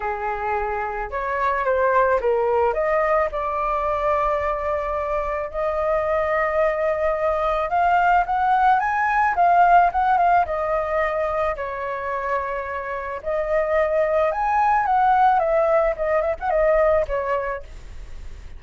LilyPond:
\new Staff \with { instrumentName = "flute" } { \time 4/4 \tempo 4 = 109 gis'2 cis''4 c''4 | ais'4 dis''4 d''2~ | d''2 dis''2~ | dis''2 f''4 fis''4 |
gis''4 f''4 fis''8 f''8 dis''4~ | dis''4 cis''2. | dis''2 gis''4 fis''4 | e''4 dis''8 e''16 fis''16 dis''4 cis''4 | }